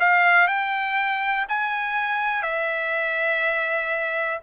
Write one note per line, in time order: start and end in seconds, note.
0.00 0.48 F5
0.48 1.46 G5
1.49 2.43 G#5
2.43 4.39 E5